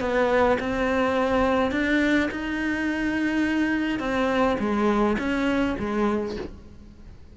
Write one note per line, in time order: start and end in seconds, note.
0.00 0.58 B3
0.60 1.71 C4
1.71 2.29 D4
2.31 3.99 D#4
3.99 4.57 C4
4.59 5.17 G#3
5.18 5.76 C#4
5.79 6.36 G#3